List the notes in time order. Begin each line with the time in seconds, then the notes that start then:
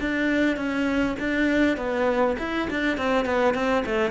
0.00 D4
0.56 C#4
1.19 D4
1.77 B3
2.39 E4
2.70 D4
2.97 C4
3.25 B3
3.54 C4
3.86 A3